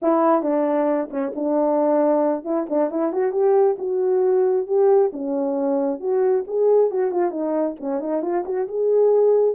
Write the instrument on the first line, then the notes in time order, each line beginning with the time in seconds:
horn
0.02 E4
0.42 D4
1.10 C#4
1.35 D4
2.44 E4
2.69 D4
2.90 E4
3.12 F#4
3.32 G4
3.78 F#4
4.66 G4
5.12 C#4
6.00 F#4
6.47 G#4
6.90 F#4
7.11 F4
7.30 D#4
7.80 C#4
8.00 D#4
8.22 F4
8.45 F#4
8.67 G#4